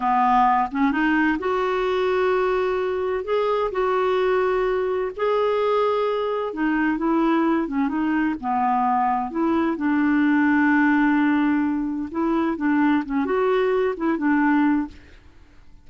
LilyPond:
\new Staff \with { instrumentName = "clarinet" } { \time 4/4 \tempo 4 = 129 b4. cis'8 dis'4 fis'4~ | fis'2. gis'4 | fis'2. gis'4~ | gis'2 dis'4 e'4~ |
e'8 cis'8 dis'4 b2 | e'4 d'2.~ | d'2 e'4 d'4 | cis'8 fis'4. e'8 d'4. | }